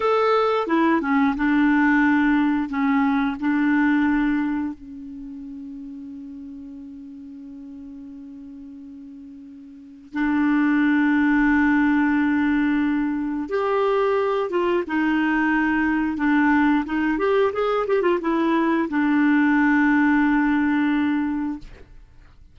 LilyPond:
\new Staff \with { instrumentName = "clarinet" } { \time 4/4 \tempo 4 = 89 a'4 e'8 cis'8 d'2 | cis'4 d'2 cis'4~ | cis'1~ | cis'2. d'4~ |
d'1 | g'4. f'8 dis'2 | d'4 dis'8 g'8 gis'8 g'16 f'16 e'4 | d'1 | }